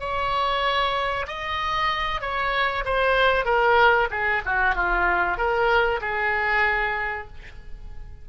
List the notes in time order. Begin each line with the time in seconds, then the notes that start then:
0.00 C#5
1.27 D#5
2.21 C#5
2.85 C5
3.45 A#4
4.11 G#4
4.46 F#4
4.75 F4
5.37 A#4
6.01 G#4